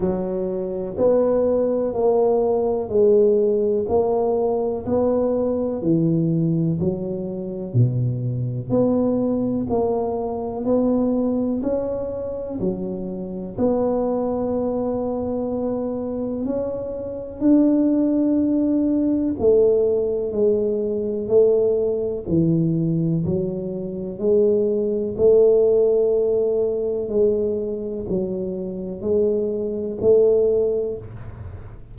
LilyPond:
\new Staff \with { instrumentName = "tuba" } { \time 4/4 \tempo 4 = 62 fis4 b4 ais4 gis4 | ais4 b4 e4 fis4 | b,4 b4 ais4 b4 | cis'4 fis4 b2~ |
b4 cis'4 d'2 | a4 gis4 a4 e4 | fis4 gis4 a2 | gis4 fis4 gis4 a4 | }